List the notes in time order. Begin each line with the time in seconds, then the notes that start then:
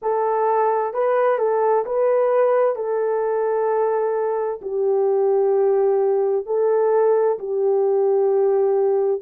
0.02 A4
0.93 B4
1.38 A4
1.85 B4
2.75 A4
4.62 G4
6.46 A4
7.38 G4